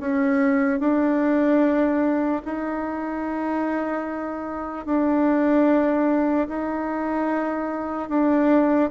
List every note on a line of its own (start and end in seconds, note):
0.00 0.80 C#4
0.80 2.43 D4
2.45 4.86 D#4
4.86 6.48 D4
6.49 8.09 D#4
8.09 8.90 D4